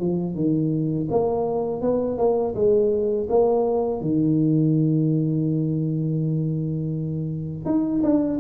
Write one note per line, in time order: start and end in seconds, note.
0.00 0.35 F3
0.35 1.08 D#3
1.11 1.82 A#3
1.82 2.18 B3
2.18 2.55 A#3
2.55 3.28 G#3
3.30 4.01 A#3
4.01 7.66 D#3
7.66 8.02 D#4
8.03 8.39 D4